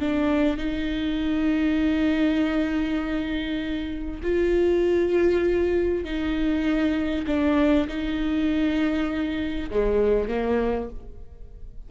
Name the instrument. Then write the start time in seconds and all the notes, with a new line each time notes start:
viola
0.00 D4
0.58 D#4
4.23 F4
6.05 D#4
7.27 D4
7.88 D#4
9.71 G#3
10.29 A#3